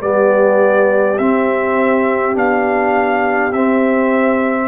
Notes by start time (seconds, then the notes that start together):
0.00 G3 B3 G4 D5
1.18 C4 E5
2.34 B3 D4 F5
3.52 C4 E5